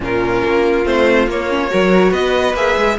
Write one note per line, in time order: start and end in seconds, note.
0.00 0.41 A#2
0.00 0.85 C#4
0.00 1.70 F4
0.00 0.85 A#4
0.44 0.85 A#3
0.85 1.27 A3
0.85 1.27 C4
0.85 1.28 C5
1.27 1.70 A#3
1.27 1.49 A#3
1.27 2.12 C#5
1.49 1.68 C#4
1.68 2.11 F#3
1.68 2.53 F#4
1.68 2.11 A#4
2.11 2.53 B3
2.11 2.96 B4
2.11 2.55 D#5
2.53 2.75 A#3
2.53 2.98 G#4
2.53 2.98 E5
2.77 2.98 G#3